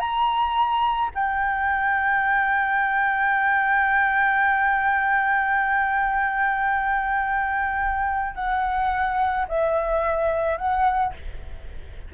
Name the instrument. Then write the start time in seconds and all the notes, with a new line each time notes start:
flute
0.00 A#5
1.15 G5
8.36 F#5
9.48 E5
10.58 F#5